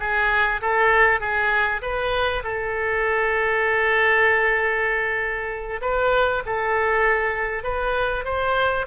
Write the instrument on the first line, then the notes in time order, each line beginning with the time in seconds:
oboe
0.00 G#4
0.61 A4
1.20 G#4
1.82 B4
2.44 A4
5.82 B4
6.46 A4
7.63 B4
8.24 C5